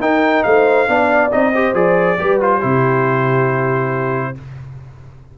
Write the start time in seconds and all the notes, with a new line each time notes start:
0.00 D#4 A#4 G5
0.44 A3 C5 F5
0.88 B3 D4 D5
1.32 C4 D#4 D#5
1.53 G4 C5
1.74 F3 G#4 D5
2.19 G3 G4 B4
2.41 F4 C5
2.59 C3 E4 G4